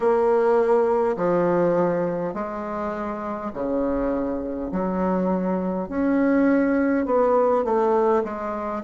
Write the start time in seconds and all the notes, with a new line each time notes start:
0.00 A#3
1.17 F3
2.34 G#3
3.53 C#3
4.71 F#3
5.88 C#4
7.05 B3
7.64 A3
8.24 G#3